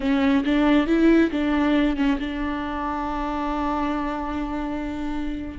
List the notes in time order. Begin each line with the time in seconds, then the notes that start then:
0.00 C#4
0.44 D4
0.86 E4
1.30 D4
1.96 C#4
2.19 D4